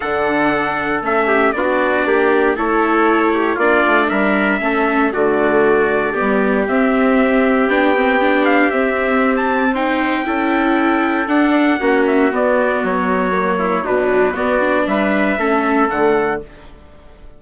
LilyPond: <<
  \new Staff \with { instrumentName = "trumpet" } { \time 4/4 \tempo 4 = 117 fis''2 e''4 d''4~ | d''4 cis''2 d''4 | e''2 d''2~ | d''4 e''2 g''4~ |
g''8 f''8 e''4~ e''16 a''8. g''4~ | g''2 fis''4. e''8 | d''4 cis''2 b'4 | d''4 e''2 fis''4 | }
  \new Staff \with { instrumentName = "trumpet" } { \time 4/4 a'2~ a'8 g'8 fis'4 | g'4 a'4. g'8 f'4 | ais'4 a'4 fis'2 | g'1~ |
g'2. c''4 | a'2. fis'4~ | fis'2~ fis'8 e'8 d'4 | fis'4 b'4 a'2 | }
  \new Staff \with { instrumentName = "viola" } { \time 4/4 d'2 cis'4 d'4~ | d'4 e'2 d'4~ | d'4 cis'4 a2 | b4 c'2 d'8 c'8 |
d'4 c'2 dis'4 | e'2 d'4 cis'4 | b2 ais4 fis4 | b8 d'4. cis'4 a4 | }
  \new Staff \with { instrumentName = "bassoon" } { \time 4/4 d2 a4 b4 | ais4 a2 ais8 a8 | g4 a4 d2 | g4 c'2 b4~ |
b4 c'2. | cis'2 d'4 ais4 | b4 fis2 b,4 | b4 g4 a4 d4 | }
>>